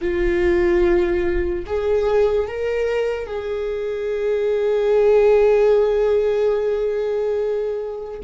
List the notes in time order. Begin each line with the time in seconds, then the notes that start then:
0.01 F4
1.66 G#4
2.47 A#4
3.27 G#4